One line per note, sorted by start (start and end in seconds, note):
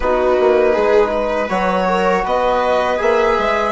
0.00 0.36 B3
0.00 1.49 D#4
0.00 0.72 F#4
0.00 1.49 B4
0.39 0.76 A#3
0.72 1.49 G#3
0.72 1.10 G#4
1.11 1.86 B4
1.49 2.24 F#3
1.49 2.97 F#4
1.49 2.24 C#5
1.88 2.24 A#4
2.24 3.00 B3
2.24 3.71 B4
2.24 3.01 D#5
2.97 3.38 A#3
2.97 3.71 G#4
2.97 3.71 E5
3.38 3.71 G#3